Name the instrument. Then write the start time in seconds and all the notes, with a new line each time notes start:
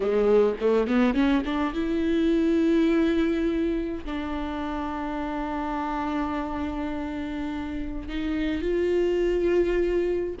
viola
0.00 G#3
0.60 A3
0.87 B3
1.14 C#4
1.45 D4
1.73 E4
4.05 D4
8.08 D#4
8.61 F4